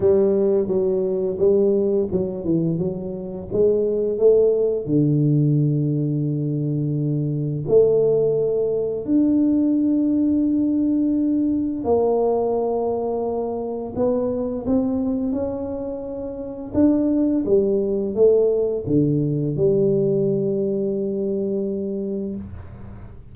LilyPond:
\new Staff \with { instrumentName = "tuba" } { \time 4/4 \tempo 4 = 86 g4 fis4 g4 fis8 e8 | fis4 gis4 a4 d4~ | d2. a4~ | a4 d'2.~ |
d'4 ais2. | b4 c'4 cis'2 | d'4 g4 a4 d4 | g1 | }